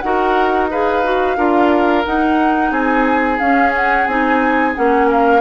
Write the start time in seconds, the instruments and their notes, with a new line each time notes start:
0.00 bassoon D#4, clarinet F#4, oboe A#4, flute F#5
0.70 clarinet G#4, oboe B4, flute F5
1.04 clarinet F#4
1.37 bassoon D4, clarinet F4, oboe A#4
2.05 clarinet D#4, bassoon D#4, flute F#5
2.71 bassoon C4, oboe G#4, flute G#5
3.39 clarinet C#4, bassoon C#4, flute F5
3.75 flute F#5
4.07 bassoon C4, clarinet D#4, flute G#5
4.75 bassoon A#3, clarinet C#4, flute F#5
5.07 oboe A#4, flute F5